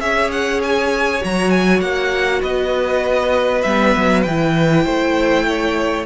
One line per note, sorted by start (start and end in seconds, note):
0.00 1.21 C#4
0.00 1.21 G#4
0.00 2.42 C#5
0.00 0.31 E5
0.31 0.61 F#5
0.63 1.23 G#5
1.21 1.81 F#3
1.21 3.63 F#4
1.21 1.50 A#5
1.50 1.81 G#5
1.81 2.42 A#3
1.81 2.42 F#5
2.42 3.64 B3
2.42 4.84 B4
2.42 3.62 D#5
3.62 3.95 G3
3.62 4.26 B3
3.62 4.22 E5
3.96 4.27 F#3
4.22 4.86 E3
4.22 6.04 G5
4.29 6.06 E4
4.84 6.06 A3
4.84 5.45 C5
5.47 6.06 C#5